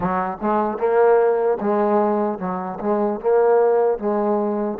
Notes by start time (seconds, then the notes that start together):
0.00 F#3
0.41 G#3
0.77 A#3
1.60 G#3
2.38 F#3
2.80 G#3
3.20 A#3
3.98 G#3